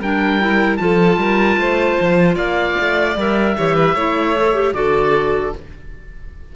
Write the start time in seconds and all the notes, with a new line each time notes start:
0.00 G3 D4 A#4 G5
0.40 E4
0.77 F3 F4 A4 A5
1.17 G3 A#4
1.58 A3 C5
2.01 F3
2.36 A#3 D5 F5
2.81 A3
3.17 G3 A#4 E5
3.58 E3 G4 C#5
3.76 B4
3.95 A3 E4 C#5
4.37 A4
4.54 G4
4.74 D3 F#4 A4 D5